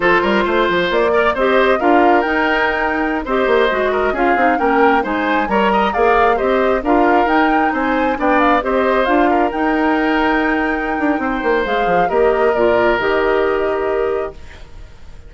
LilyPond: <<
  \new Staff \with { instrumentName = "flute" } { \time 4/4 \tempo 4 = 134 c''2 d''4 dis''4 | f''4 g''2~ g''16 dis''8.~ | dis''4~ dis''16 f''4 g''4 gis''8.~ | gis''16 ais''4 f''4 dis''4 f''8.~ |
f''16 g''4 gis''4 g''8 f''8 dis''8.~ | dis''16 f''4 g''2~ g''8.~ | g''2 f''4 dis''4 | d''4 dis''2. | }
  \new Staff \with { instrumentName = "oboe" } { \time 4/4 a'8 ais'8 c''4. d''8 c''4 | ais'2.~ ais'16 c''8.~ | c''8. ais'8 gis'4 ais'4 c''8.~ | c''16 cis''8 dis''8 d''4 c''4 ais'8.~ |
ais'4~ ais'16 c''4 d''4 c''8.~ | c''8. ais'2.~ ais'16~ | ais'4 c''2 ais'4~ | ais'1 | }
  \new Staff \with { instrumentName = "clarinet" } { \time 4/4 f'2~ f'8 ais'8 g'4 | f'4 dis'2~ dis'16 g'8.~ | g'16 fis'4 f'8 dis'8 cis'4 dis'8.~ | dis'16 ais'4 gis'4 g'4 f'8.~ |
f'16 dis'2 d'4 g'8.~ | g'16 f'4 dis'2~ dis'8.~ | dis'2 gis'4 g'4 | f'4 g'2. | }
  \new Staff \with { instrumentName = "bassoon" } { \time 4/4 f8 g8 a8 f8 ais4 c'4 | d'4 dis'2~ dis'16 c'8 ais16~ | ais16 gis4 cis'8 c'8 ais4 gis8.~ | gis16 g4 ais4 c'4 d'8.~ |
d'16 dis'4 c'4 b4 c'8.~ | c'16 d'4 dis'2~ dis'8.~ | dis'8 d'8 c'8 ais8 gis8 f8 ais4 | ais,4 dis2. | }
>>